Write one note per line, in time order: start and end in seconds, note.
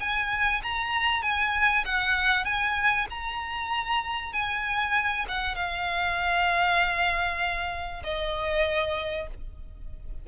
0.00 0.62 G#5
0.63 1.22 A#5
1.22 1.84 G#5
1.85 2.45 F#5
2.45 3.06 G#5
3.10 4.33 A#5
4.33 5.25 G#5
5.28 5.55 F#5
5.55 8.03 F5
8.04 9.28 D#5